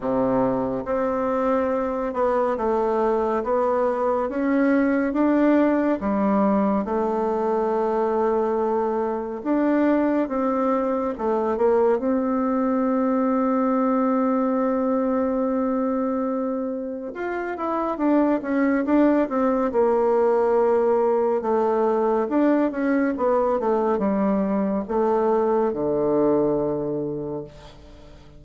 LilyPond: \new Staff \with { instrumentName = "bassoon" } { \time 4/4 \tempo 4 = 70 c4 c'4. b8 a4 | b4 cis'4 d'4 g4 | a2. d'4 | c'4 a8 ais8 c'2~ |
c'1 | f'8 e'8 d'8 cis'8 d'8 c'8 ais4~ | ais4 a4 d'8 cis'8 b8 a8 | g4 a4 d2 | }